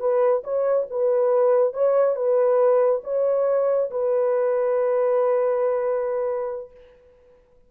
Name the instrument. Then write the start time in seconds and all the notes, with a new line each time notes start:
horn
0.00 B4
0.44 C#5
0.90 B4
1.74 C#5
2.16 B4
3.04 C#5
3.91 B4